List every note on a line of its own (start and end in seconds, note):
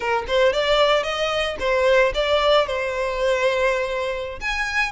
0.00 0.24 A#4
0.27 0.52 C5
0.52 1.03 D5
1.03 1.56 D#5
1.59 2.12 C5
2.14 2.66 D5
2.66 4.39 C5
4.40 4.91 G#5